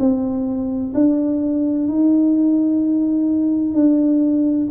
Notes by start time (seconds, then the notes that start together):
0.00 C4
0.95 D4
1.88 D#4
3.75 D4